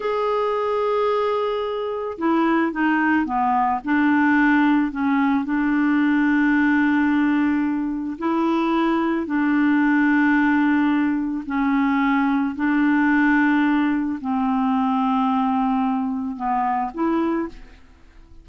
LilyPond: \new Staff \with { instrumentName = "clarinet" } { \time 4/4 \tempo 4 = 110 gis'1 | e'4 dis'4 b4 d'4~ | d'4 cis'4 d'2~ | d'2. e'4~ |
e'4 d'2.~ | d'4 cis'2 d'4~ | d'2 c'2~ | c'2 b4 e'4 | }